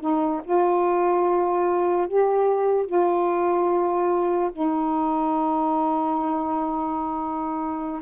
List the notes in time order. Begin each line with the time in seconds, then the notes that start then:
0.00 D#4
0.43 F4
2.08 G4
2.86 F4
4.52 D#4